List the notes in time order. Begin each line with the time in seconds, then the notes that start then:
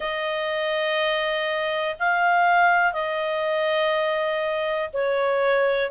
0.00 D#5
1.99 F5
2.92 D#5
4.93 C#5